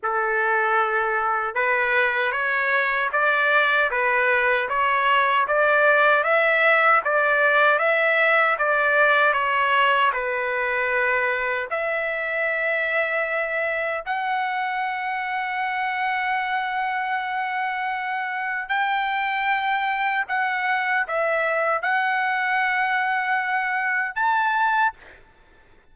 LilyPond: \new Staff \with { instrumentName = "trumpet" } { \time 4/4 \tempo 4 = 77 a'2 b'4 cis''4 | d''4 b'4 cis''4 d''4 | e''4 d''4 e''4 d''4 | cis''4 b'2 e''4~ |
e''2 fis''2~ | fis''1 | g''2 fis''4 e''4 | fis''2. a''4 | }